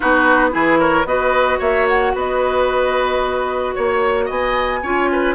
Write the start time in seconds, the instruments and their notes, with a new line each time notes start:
0.00 bassoon B3, clarinet D#4, oboe F#4, flute B4
0.50 bassoon E3, clarinet E4, oboe G#4
0.79 oboe A#4, flute C#5
1.04 bassoon B3, clarinet F#4, oboe B4, flute D#5
1.59 bassoon A#3, oboe C#5, flute E5
1.88 flute F#5
2.14 bassoon B3, oboe B4, flute D#5
3.74 bassoon A#3, flute C#5, oboe C#5
4.25 bassoon B3, oboe D#5, flute G#5
4.82 bassoon C#4, clarinet F4, oboe C#5
5.12 oboe B4